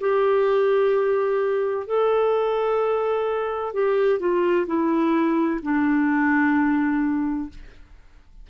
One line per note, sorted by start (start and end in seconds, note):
0.00 1.86 G4
1.86 3.73 A4
3.73 4.19 G4
4.19 4.66 F4
4.66 5.60 E4
5.62 7.49 D4